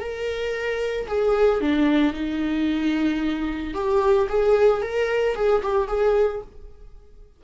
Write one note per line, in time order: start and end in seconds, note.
0.00 1.07 A#4
1.08 1.61 G#4
1.61 2.13 D4
2.13 3.74 D#4
3.74 4.28 G4
4.29 4.82 G#4
4.82 5.35 A#4
5.35 5.62 G#4
5.62 5.88 G4
5.88 6.41 G#4